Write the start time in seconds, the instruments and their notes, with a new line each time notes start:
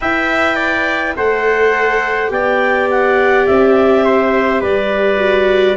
0.00 tuba E4, viola B4, trumpet E5, clarinet G5
0.55 trumpet D5
1.16 tuba A3, viola A4, trumpet C5, clarinet F#5
2.27 tuba B3, viola G4, trumpet D5, clarinet G5
2.90 clarinet F#5
3.46 tuba C4, clarinet E5
4.04 trumpet C5
4.60 tuba G3, trumpet B4, clarinet D5
5.17 viola F#4